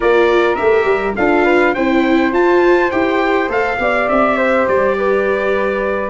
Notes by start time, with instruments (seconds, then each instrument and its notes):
0.00 tuba A#3, viola F4, flute A#4, trumpet D5
0.55 tuba A3, viola G4, trumpet E5
0.84 tuba G3
1.16 tuba D4, viola F4, flute A4, trumpet F5
1.44 flute B4
1.74 tuba C4, viola E4, flute C5, trumpet G5
2.32 tuba F4, viola F4, trumpet A5
2.91 tuba E4, viola G4, trumpet G5
3.48 tuba A3, viola A4, trumpet F5
3.78 tuba B3, viola G4, flute D5
4.08 tuba C4, trumpet E5
4.37 flute C5
4.67 tuba G3, trumpet D5
4.97 flute B4